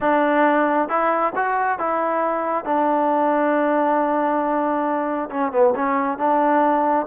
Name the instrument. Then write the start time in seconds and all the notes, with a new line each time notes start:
trombone
0.01 D4
0.88 E4
1.35 F#4
1.78 E4
2.65 D4
5.30 C#4
5.51 B3
5.75 C#4
6.18 D4